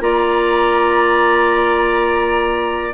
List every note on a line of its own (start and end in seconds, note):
0.00 2.93 A#3
0.00 2.93 F4
0.00 2.93 D5
0.00 2.93 A#5